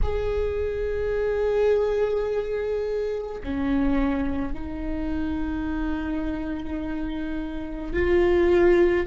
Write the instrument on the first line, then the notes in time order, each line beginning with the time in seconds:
viola
0.02 G#4
3.43 C#4
4.53 D#4
7.92 F4